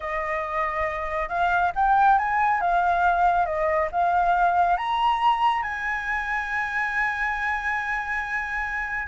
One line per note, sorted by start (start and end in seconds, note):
0.00 1.29 D#5
1.29 1.72 F5
1.75 2.18 G5
2.18 2.60 G#5
2.60 3.45 F5
3.45 3.88 D#5
3.91 4.77 F5
4.77 5.62 A#5
5.62 9.07 G#5